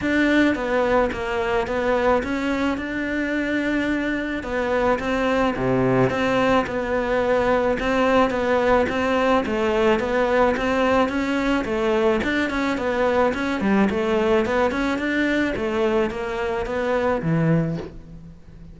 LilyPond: \new Staff \with { instrumentName = "cello" } { \time 4/4 \tempo 4 = 108 d'4 b4 ais4 b4 | cis'4 d'2. | b4 c'4 c4 c'4 | b2 c'4 b4 |
c'4 a4 b4 c'4 | cis'4 a4 d'8 cis'8 b4 | cis'8 g8 a4 b8 cis'8 d'4 | a4 ais4 b4 e4 | }